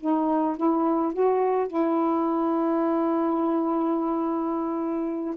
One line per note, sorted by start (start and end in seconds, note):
0.00 0.57 D#4
0.57 1.13 E4
1.13 1.67 F#4
1.67 5.35 E4